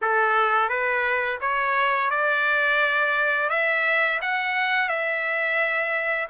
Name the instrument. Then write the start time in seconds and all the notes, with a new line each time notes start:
trumpet
0.01 A4
0.69 B4
1.40 C#5
2.10 D5
3.49 E5
4.21 F#5
4.88 E5